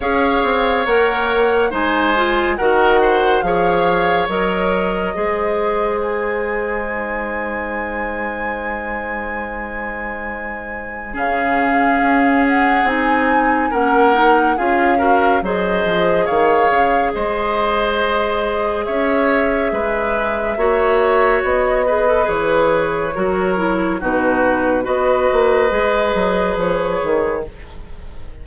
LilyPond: <<
  \new Staff \with { instrumentName = "flute" } { \time 4/4 \tempo 4 = 70 f''4 fis''4 gis''4 fis''4 | f''4 dis''2 gis''4~ | gis''1~ | gis''4 f''4. fis''8 gis''4 |
fis''4 f''4 dis''4 f''4 | dis''2 e''2~ | e''4 dis''4 cis''2 | b'4 dis''2 cis''4 | }
  \new Staff \with { instrumentName = "oboe" } { \time 4/4 cis''2 c''4 ais'8 c''8 | cis''2 c''2~ | c''1~ | c''4 gis'2. |
ais'4 gis'8 ais'8 c''4 cis''4 | c''2 cis''4 b'4 | cis''4. b'4. ais'4 | fis'4 b'2. | }
  \new Staff \with { instrumentName = "clarinet" } { \time 4/4 gis'4 ais'4 dis'8 f'8 fis'4 | gis'4 ais'4 gis'2 | dis'1~ | dis'4 cis'2 dis'4 |
cis'8 dis'8 f'8 fis'8 gis'2~ | gis'1 | fis'4. gis'16 a'16 gis'4 fis'8 e'8 | dis'4 fis'4 gis'2 | }
  \new Staff \with { instrumentName = "bassoon" } { \time 4/4 cis'8 c'8 ais4 gis4 dis4 | f4 fis4 gis2~ | gis1~ | gis4 cis4 cis'4 c'4 |
ais4 cis'4 fis8 f8 dis8 cis8 | gis2 cis'4 gis4 | ais4 b4 e4 fis4 | b,4 b8 ais8 gis8 fis8 f8 dis8 | }
>>